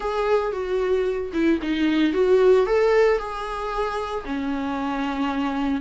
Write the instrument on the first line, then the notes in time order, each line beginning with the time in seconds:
viola
0.00 G#4
0.52 F#4
1.33 E4
1.62 D#4
2.13 F#4
2.66 A4
3.18 G#4
4.25 C#4